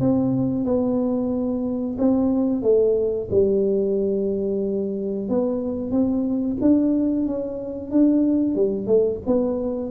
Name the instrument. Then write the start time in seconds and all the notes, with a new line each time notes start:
tuba
0.00 C4
0.65 B3
1.98 C4
2.62 A3
3.31 G3
5.29 B3
5.91 C4
6.61 D4
7.27 C#4
7.91 D4
8.55 G3
8.87 A3
9.26 B3